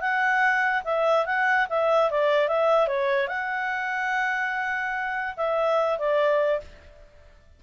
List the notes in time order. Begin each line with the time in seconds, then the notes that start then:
0.00 F#5
0.84 E5
1.25 F#5
1.69 E5
2.10 D5
2.48 E5
2.87 C#5
3.27 F#5
5.36 E5
5.98 D5